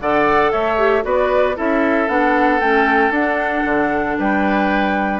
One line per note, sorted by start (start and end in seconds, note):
0.00 0.53 D3
0.00 0.77 A4
0.00 0.52 D5
0.00 0.52 F#5
0.52 1.04 A3
0.52 1.04 C#5
0.52 1.04 E5
0.77 1.02 G4
1.02 1.56 B3
1.02 1.54 F#4
1.02 1.56 B4
1.02 1.57 D5
1.56 2.08 C#4
1.56 2.08 E4
1.56 4.17 A4
1.56 2.08 E5
2.08 2.60 B3
2.08 2.60 D4
2.08 2.60 F#5
2.60 3.10 A3
2.60 3.14 C#4
2.60 3.12 G5
3.10 3.62 D4
3.10 5.19 D4
3.10 4.18 F#5
3.65 4.17 D3
4.18 5.19 G3
4.18 5.19 B4
4.18 5.19 G5